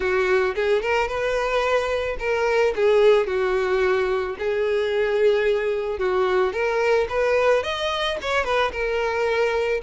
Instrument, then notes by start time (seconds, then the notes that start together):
violin
0.00 F#4
0.55 G#4
0.82 A#4
1.08 B4
2.19 A#4
2.75 G#4
3.26 F#4
4.38 G#4
5.98 F#4
6.52 A#4
7.09 B4
7.63 D#5
8.21 C#5
8.44 B4
8.72 A#4